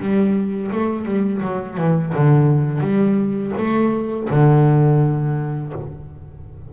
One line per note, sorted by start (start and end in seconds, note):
0.00 0.71 G3
0.72 1.06 A3
1.06 1.42 G3
1.42 1.78 F#3
1.78 2.14 E3
2.15 2.81 D3
2.81 3.53 G3
3.57 4.29 A3
4.30 5.73 D3